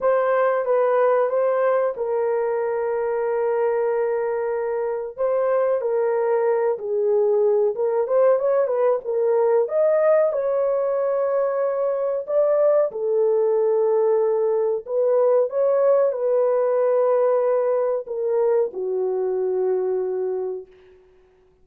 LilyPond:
\new Staff \with { instrumentName = "horn" } { \time 4/4 \tempo 4 = 93 c''4 b'4 c''4 ais'4~ | ais'1 | c''4 ais'4. gis'4. | ais'8 c''8 cis''8 b'8 ais'4 dis''4 |
cis''2. d''4 | a'2. b'4 | cis''4 b'2. | ais'4 fis'2. | }